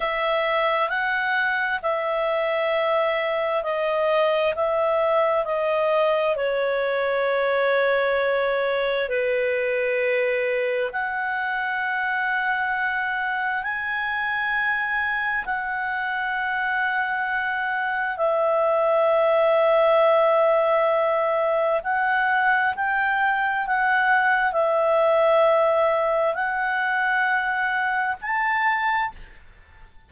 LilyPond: \new Staff \with { instrumentName = "clarinet" } { \time 4/4 \tempo 4 = 66 e''4 fis''4 e''2 | dis''4 e''4 dis''4 cis''4~ | cis''2 b'2 | fis''2. gis''4~ |
gis''4 fis''2. | e''1 | fis''4 g''4 fis''4 e''4~ | e''4 fis''2 a''4 | }